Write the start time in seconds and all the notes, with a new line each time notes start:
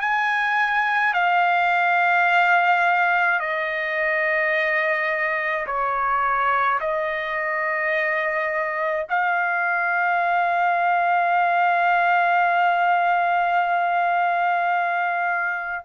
0.00 G#5
1.13 F5
3.39 D#5
5.66 C#5
6.80 D#5
9.09 F5